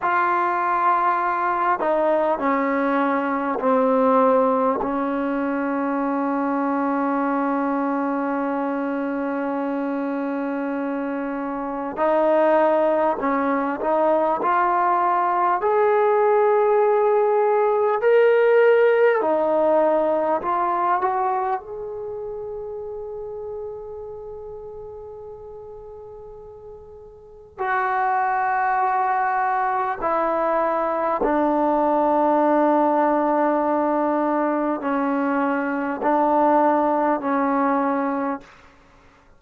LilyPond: \new Staff \with { instrumentName = "trombone" } { \time 4/4 \tempo 4 = 50 f'4. dis'8 cis'4 c'4 | cis'1~ | cis'2 dis'4 cis'8 dis'8 | f'4 gis'2 ais'4 |
dis'4 f'8 fis'8 gis'2~ | gis'2. fis'4~ | fis'4 e'4 d'2~ | d'4 cis'4 d'4 cis'4 | }